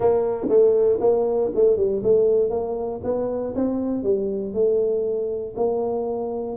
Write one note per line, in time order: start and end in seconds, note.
0.00 0.47 A#3
0.49 0.99 A3
1.00 1.50 A#3
1.54 1.76 A3
1.76 2.02 G3
2.03 2.50 A3
2.50 3.00 A#3
3.03 3.54 B3
3.55 4.03 C4
4.03 4.53 G3
4.53 5.54 A3
5.56 6.56 A#3